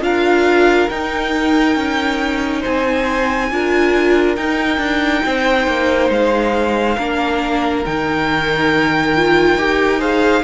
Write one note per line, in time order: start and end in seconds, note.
0.00 0.87 D4
0.00 0.88 F4
0.00 2.60 A#4
0.00 0.89 F5
0.89 3.51 D#4
0.89 1.76 D#4
0.89 2.63 G5
1.76 2.63 C#4
2.60 3.47 C5
2.60 4.36 G#5
2.66 3.51 C4
3.51 4.37 D4
3.51 4.36 F4
3.51 5.26 A#4
4.36 6.97 D#4
4.36 4.78 D#4
4.36 6.10 G5
4.78 5.21 D4
5.26 5.67 C4
5.26 6.97 C5
5.67 6.10 A#3
6.10 6.97 G#3
6.10 7.85 F5
6.97 7.85 A#3
6.97 7.85 D4
6.97 10.00 A#4
7.85 9.56 D#3
7.85 9.16 D#4
7.85 10.01 G5
9.16 9.59 F4
9.56 10.43 D#4
9.56 9.99 G4
9.99 10.43 G#4
9.99 10.43 C5
9.99 10.44 F5